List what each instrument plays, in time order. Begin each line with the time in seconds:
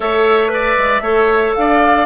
0.00 bassoon A3, clarinet A4, oboe C#5, flute E5
0.49 clarinet B4, oboe D5
0.77 bassoon G#3
1.00 bassoon A3, clarinet A4, oboe C#5
1.54 bassoon D4, oboe D5, flute F5